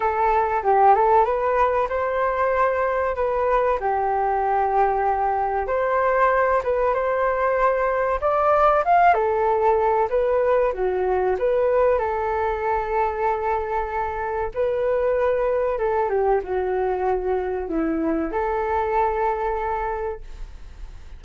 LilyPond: \new Staff \with { instrumentName = "flute" } { \time 4/4 \tempo 4 = 95 a'4 g'8 a'8 b'4 c''4~ | c''4 b'4 g'2~ | g'4 c''4. b'8 c''4~ | c''4 d''4 f''8 a'4. |
b'4 fis'4 b'4 a'4~ | a'2. b'4~ | b'4 a'8 g'8 fis'2 | e'4 a'2. | }